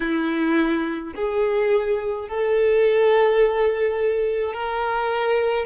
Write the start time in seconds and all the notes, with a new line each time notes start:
0.00 E4
1.15 G#4
2.28 A4
4.53 A#4